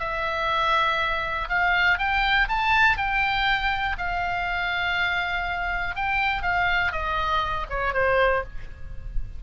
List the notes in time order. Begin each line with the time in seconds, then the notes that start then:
0.00 E5
1.49 F5
1.99 G5
2.48 A5
2.98 G5
3.98 F5
5.96 G5
6.43 F5
6.92 D#5
7.70 C#5
7.94 C5